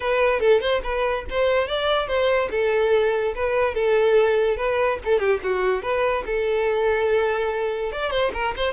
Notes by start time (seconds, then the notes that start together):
0.00 B4
0.40 A4
0.60 C5
0.83 B4
1.29 C5
1.67 D5
2.07 C5
2.50 A4
3.35 B4
3.74 A4
4.57 B4
5.04 A4
5.19 G4
5.43 F#4
5.82 B4
6.26 A4
7.91 D5
8.10 C5
8.33 A#4
8.56 C5